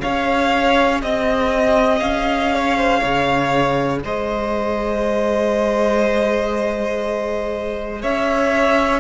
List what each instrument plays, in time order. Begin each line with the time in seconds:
0.00 cello C#4, viola G#4, violin C#5 F5
1.03 cello C4, violin D#5
2.00 cello C#4, violin F5
2.55 violin C#5
2.77 violin C5
3.00 cello C#3, violin C#5
4.04 cello G#3, violin C5 D#5
8.02 cello C#4, violin C#5 E5